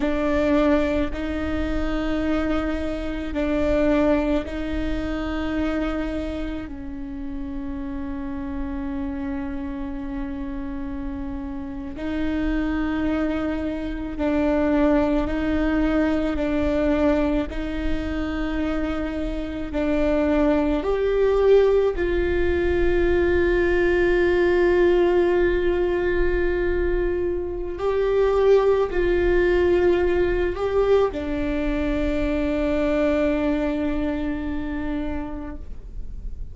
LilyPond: \new Staff \with { instrumentName = "viola" } { \time 4/4 \tempo 4 = 54 d'4 dis'2 d'4 | dis'2 cis'2~ | cis'2~ cis'8. dis'4~ dis'16~ | dis'8. d'4 dis'4 d'4 dis'16~ |
dis'4.~ dis'16 d'4 g'4 f'16~ | f'1~ | f'4 g'4 f'4. g'8 | d'1 | }